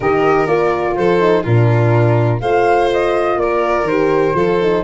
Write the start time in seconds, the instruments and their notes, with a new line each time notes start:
0.00 tuba D#3, horn G4, violin A#4, flute D#5
0.46 tuba A#3, horn F4, flute D5
0.95 tuba F3, violin A4, flute C5
1.19 horn D#4
1.43 tuba A#2, horn D4, violin F4, flute A#4
2.40 tuba A3, horn F4, violin C5, flute F5
2.91 flute D#5
3.36 tuba A#3, violin A#4, flute D5
3.83 tuba D#3, flute C5
3.89 horn G4
4.34 tuba F3, horn F4, violin A4
4.62 horn D#4